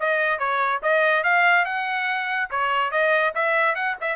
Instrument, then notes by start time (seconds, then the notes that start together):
trumpet
0.00 D#5
0.39 C#5
0.82 D#5
1.24 F5
1.65 F#5
2.50 C#5
2.91 D#5
3.35 E5
3.75 F#5
4.01 E5